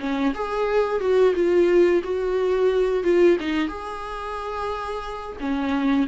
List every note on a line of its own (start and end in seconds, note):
0.00 0.34 C#4
0.34 1.00 G#4
1.00 1.34 F#4
1.35 2.02 F4
2.03 3.04 F#4
3.04 3.37 F4
3.40 3.68 D#4
3.68 5.37 G#4
5.40 6.07 C#4